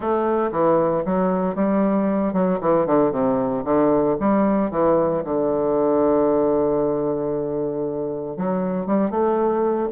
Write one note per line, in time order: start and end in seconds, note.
0.00 0.50 A3
0.51 1.03 E3
1.05 1.55 F#3
1.55 2.33 G3
2.33 2.59 F#3
2.60 2.86 E3
2.86 3.11 D3
3.11 3.63 C3
3.64 4.16 D3
4.20 4.71 G3
4.71 5.23 E3
5.24 8.36 D3
8.36 8.86 F#3
8.86 9.10 G3
9.10 9.88 A3